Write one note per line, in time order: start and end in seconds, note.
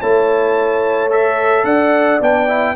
0.00 1.64 A3
0.00 1.10 E4
0.00 1.65 C#5
0.00 1.11 A5
1.10 2.20 A4
1.10 1.65 E5
1.64 2.19 D4
1.64 2.76 D5
1.64 2.20 F#5
2.21 2.76 B3
2.21 2.48 D4
2.21 2.76 G5
2.48 2.76 E4